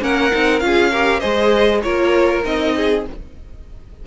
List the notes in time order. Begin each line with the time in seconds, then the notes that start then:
0.00 A#3 C#4 A#4 F#5
0.31 C4 D#4
0.59 C#4 F4 F5
0.66 G#4
0.91 G4 A#4
1.20 G#3 G#4 C5 D#5
1.82 A#3 F4 A#4 C#5
2.44 C4 D#4 D#5
2.76 G#4